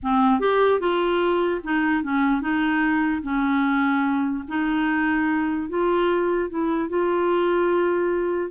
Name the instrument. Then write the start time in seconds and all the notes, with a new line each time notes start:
clarinet
0.02 C4
0.40 G4
0.80 F4
1.63 D#4
2.03 C#4
2.41 D#4
3.22 C#4
4.48 D#4
5.69 F4
6.49 E4
6.89 F4